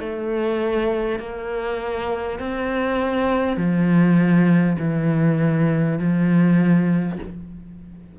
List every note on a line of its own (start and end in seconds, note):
0.00 1.19 A3
1.19 2.39 A#3
2.39 3.57 C4
3.57 4.77 F3
4.79 5.99 E3
5.99 7.19 F3